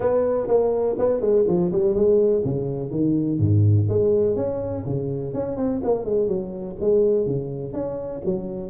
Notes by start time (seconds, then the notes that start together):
0.00 B3
0.47 A#3
0.98 B3
1.20 G#3
1.47 F3
1.72 G3
1.94 G#3
2.44 C#3
2.90 D#3
3.39 G#2
3.88 G#3
4.36 C#4
4.85 C#3
5.33 C#4
5.56 C4
5.83 A#3
6.05 G#3
6.27 F#3
6.80 G#3
7.26 C#3
7.73 C#4
8.25 F#3